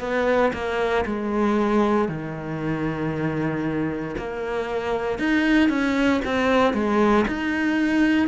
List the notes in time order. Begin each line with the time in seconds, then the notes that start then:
0.00 B3
0.53 A#3
1.05 G#3
2.08 D#3
4.18 A#3
5.19 D#4
5.69 C#4
6.24 C4
6.73 G#3
7.27 D#4